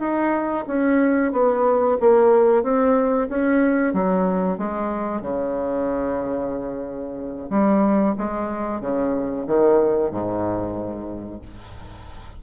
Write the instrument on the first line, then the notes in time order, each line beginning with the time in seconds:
bassoon
0.00 D#4
0.67 C#4
1.33 B3
2.01 A#3
2.63 C4
3.29 C#4
3.94 F#3
4.58 G#3
5.22 C#3
7.50 G3
8.18 G#3
8.81 C#3
9.47 D#3
10.11 G#2